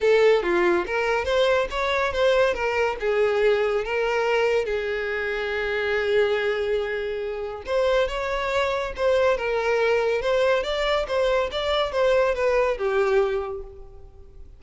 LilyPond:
\new Staff \with { instrumentName = "violin" } { \time 4/4 \tempo 4 = 141 a'4 f'4 ais'4 c''4 | cis''4 c''4 ais'4 gis'4~ | gis'4 ais'2 gis'4~ | gis'1~ |
gis'2 c''4 cis''4~ | cis''4 c''4 ais'2 | c''4 d''4 c''4 d''4 | c''4 b'4 g'2 | }